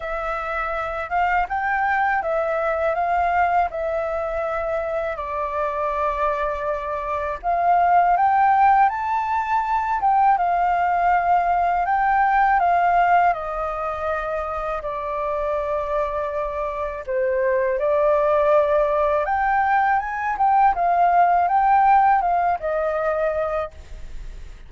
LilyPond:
\new Staff \with { instrumentName = "flute" } { \time 4/4 \tempo 4 = 81 e''4. f''8 g''4 e''4 | f''4 e''2 d''4~ | d''2 f''4 g''4 | a''4. g''8 f''2 |
g''4 f''4 dis''2 | d''2. c''4 | d''2 g''4 gis''8 g''8 | f''4 g''4 f''8 dis''4. | }